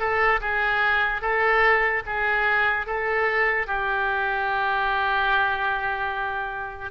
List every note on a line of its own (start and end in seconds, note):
0.00 0.41 A4
0.41 1.22 G#4
1.22 2.03 A4
2.06 2.87 G#4
2.87 3.67 A4
3.67 6.91 G4